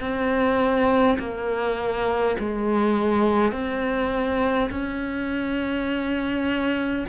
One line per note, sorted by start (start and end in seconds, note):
0.00 1.18 C4
1.19 2.36 A#3
2.40 3.52 G#3
3.52 4.70 C4
4.71 7.06 C#4